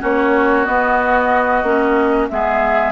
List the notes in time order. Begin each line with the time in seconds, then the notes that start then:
0.00 A#3 C#4 F#4 C#5
0.65 B3 D#5
1.63 A#3 C#4
2.28 G#3 B3 G#4 E5